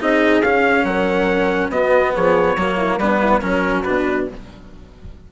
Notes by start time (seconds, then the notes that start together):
0.00 C4 D#4 G#4 D#5
0.41 C#4 F5
0.84 F#3 A#4 F#5
1.69 B3 F#4 D#5
2.14 F3 G#4 C#5
2.56 F#3 A#3 F#4
2.77 E4
2.98 G3 B3 D4 B4
3.20 E4
3.41 F#3 C#4 F#4 A#4
3.83 B2 D4 B4